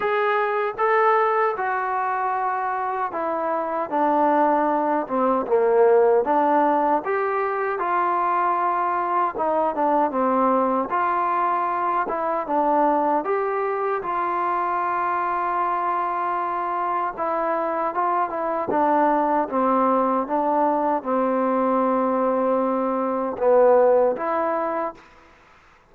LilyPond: \new Staff \with { instrumentName = "trombone" } { \time 4/4 \tempo 4 = 77 gis'4 a'4 fis'2 | e'4 d'4. c'8 ais4 | d'4 g'4 f'2 | dis'8 d'8 c'4 f'4. e'8 |
d'4 g'4 f'2~ | f'2 e'4 f'8 e'8 | d'4 c'4 d'4 c'4~ | c'2 b4 e'4 | }